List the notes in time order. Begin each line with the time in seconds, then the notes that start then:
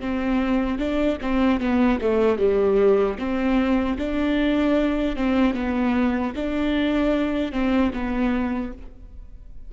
0.00 C4
0.79 D4
1.22 C4
1.60 B3
2.01 A3
2.39 G3
3.19 C4
3.98 D4
5.16 C4
5.54 B3
6.36 D4
7.52 C4
7.93 B3